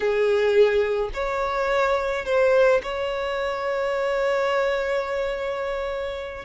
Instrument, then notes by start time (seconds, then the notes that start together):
violin
0.00 G#4
1.13 C#5
2.25 C5
2.82 C#5